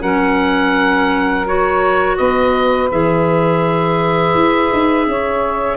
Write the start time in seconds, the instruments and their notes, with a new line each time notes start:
0.00 tuba F#3, clarinet C#4, saxophone A#4, oboe F#5
1.46 clarinet F#4, oboe C#5
2.17 tuba B3, saxophone B4, oboe D#5
2.91 tuba E3, clarinet G#4, oboe E5
4.34 tuba E4
4.72 tuba D#4
5.06 tuba C#4, saxophone C#5